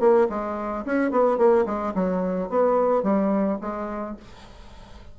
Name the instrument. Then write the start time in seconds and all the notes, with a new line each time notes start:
bassoon
0.00 A#3
0.30 G#3
0.86 C#4
1.11 B3
1.38 A#3
1.66 G#3
1.95 F#3
2.49 B3
3.03 G3
3.61 G#3